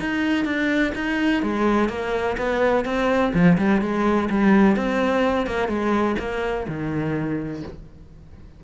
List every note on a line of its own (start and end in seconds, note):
0.00 0.45 D#4
0.45 0.93 D4
0.95 1.43 D#4
1.43 1.89 G#3
1.89 2.37 A#3
2.38 2.85 B3
2.85 3.33 C4
3.34 3.58 F3
3.58 3.82 G3
3.82 4.29 G#3
4.30 4.76 G3
4.76 5.47 C4
5.47 5.69 A#3
5.69 6.16 G#3
6.19 6.67 A#3
6.68 7.63 D#3